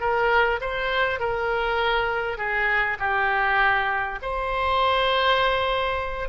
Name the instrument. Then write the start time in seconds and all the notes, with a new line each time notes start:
oboe
0.00 A#4
0.61 C5
1.19 A#4
2.38 G#4
2.99 G4
4.22 C5